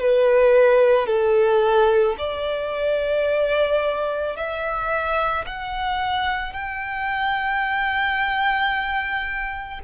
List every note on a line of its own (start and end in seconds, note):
0.00 1.07 B4
1.07 2.16 A4
2.18 4.36 D5
4.36 5.45 E5
5.46 6.53 F#5
6.53 9.80 G5